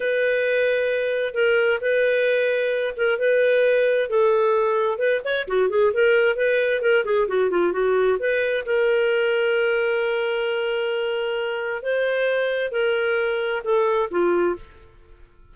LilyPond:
\new Staff \with { instrumentName = "clarinet" } { \time 4/4 \tempo 4 = 132 b'2. ais'4 | b'2~ b'8 ais'8 b'4~ | b'4 a'2 b'8 cis''8 | fis'8 gis'8 ais'4 b'4 ais'8 gis'8 |
fis'8 f'8 fis'4 b'4 ais'4~ | ais'1~ | ais'2 c''2 | ais'2 a'4 f'4 | }